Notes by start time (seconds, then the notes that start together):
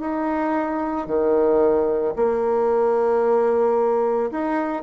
0.00 D#4
1.07 D#3
2.16 A#3
4.31 D#4